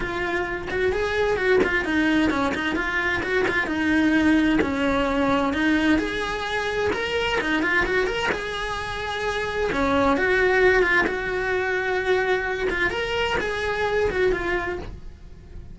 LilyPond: \new Staff \with { instrumentName = "cello" } { \time 4/4 \tempo 4 = 130 f'4. fis'8 gis'4 fis'8 f'8 | dis'4 cis'8 dis'8 f'4 fis'8 f'8 | dis'2 cis'2 | dis'4 gis'2 ais'4 |
dis'8 f'8 fis'8 ais'8 gis'2~ | gis'4 cis'4 fis'4. f'8 | fis'2.~ fis'8 f'8 | ais'4 gis'4. fis'8 f'4 | }